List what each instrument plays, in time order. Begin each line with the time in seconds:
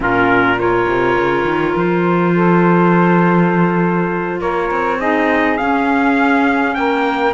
0.00 cello A#2, clarinet C#4, saxophone F4, trumpet A#4
0.57 clarinet F4, saxophone A#4, trumpet C#5
0.87 cello C3
1.17 cello C#3
1.44 cello D#3
1.76 cello F3, trumpet C5
2.35 saxophone A4
4.40 cello A#3, saxophone A#4, trumpet C#5
4.70 cello C4
4.97 clarinet D#4, saxophone G#4, trumpet D#5
5.57 clarinet C#4, cello C#4, trumpet F5
6.74 cello A#3, saxophone A#4, trumpet G5